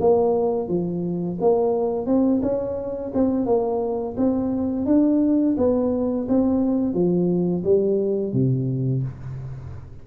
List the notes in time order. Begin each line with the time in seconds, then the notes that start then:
0.00 A#3
0.68 F3
1.40 A#3
2.06 C4
2.42 C#4
3.14 C4
3.46 A#3
4.17 C4
4.86 D4
5.57 B3
6.29 C4
6.94 F3
7.64 G3
8.33 C3